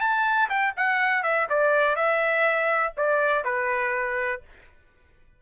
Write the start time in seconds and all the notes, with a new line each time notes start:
0.00 A5
0.49 G5
0.76 F#5
1.23 E5
1.49 D5
1.96 E5
2.97 D5
3.44 B4